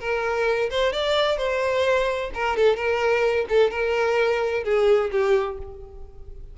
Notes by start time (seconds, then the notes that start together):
0.00 A#4
0.70 C5
0.93 D5
1.38 C5
2.34 A#4
2.57 A4
2.76 A#4
3.49 A4
3.71 A#4
4.64 G#4
5.11 G4